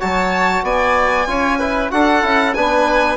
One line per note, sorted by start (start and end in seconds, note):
0.00 0.63 F#3
0.00 1.27 F#4
0.00 0.64 C#5
0.00 0.65 A5
0.63 1.27 B3
0.63 1.28 D5
0.63 1.91 G#5
1.27 1.91 C#4
1.27 1.59 F4
1.27 1.59 C#5
1.59 1.91 E4
1.59 1.91 B4
1.91 2.23 D4
1.91 2.22 F#4
1.91 2.57 A4
1.91 2.54 F#5
2.22 2.55 C#4
2.22 2.54 E4
2.54 3.17 B3
2.54 3.17 D4
2.54 3.17 B4
2.54 3.17 G#5